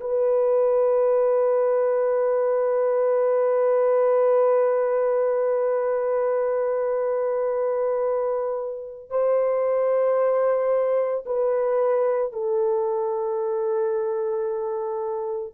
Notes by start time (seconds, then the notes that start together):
0.00 B4
9.10 C5
11.26 B4
12.33 A4